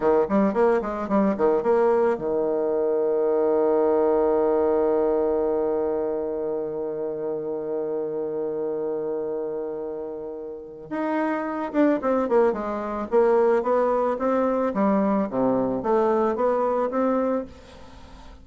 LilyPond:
\new Staff \with { instrumentName = "bassoon" } { \time 4/4 \tempo 4 = 110 dis8 g8 ais8 gis8 g8 dis8 ais4 | dis1~ | dis1~ | dis1~ |
dis1 | dis'4. d'8 c'8 ais8 gis4 | ais4 b4 c'4 g4 | c4 a4 b4 c'4 | }